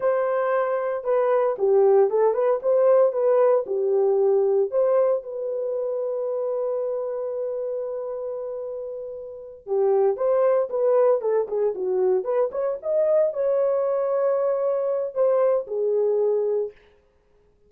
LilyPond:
\new Staff \with { instrumentName = "horn" } { \time 4/4 \tempo 4 = 115 c''2 b'4 g'4 | a'8 b'8 c''4 b'4 g'4~ | g'4 c''4 b'2~ | b'1~ |
b'2~ b'8 g'4 c''8~ | c''8 b'4 a'8 gis'8 fis'4 b'8 | cis''8 dis''4 cis''2~ cis''8~ | cis''4 c''4 gis'2 | }